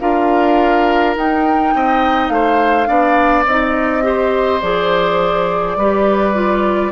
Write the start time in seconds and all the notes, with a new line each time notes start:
0.00 D4 F4 A#4 F5
1.16 D#4 G5
1.74 C4 D#5
2.28 A3 C5 F5
2.87 B3 D4 D5
3.46 C4 D#4 D#5
4.02 G4 C5
4.61 F3 G#4 D5
5.76 G3 G4 B4
6.34 F4